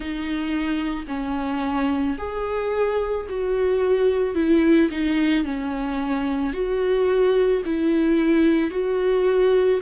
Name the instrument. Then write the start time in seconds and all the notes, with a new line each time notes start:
viola
0.00 D#4
1.07 C#4
2.18 G#4
3.29 F#4
4.34 E4
4.90 D#4
5.44 C#4
6.53 F#4
7.65 E4
8.70 F#4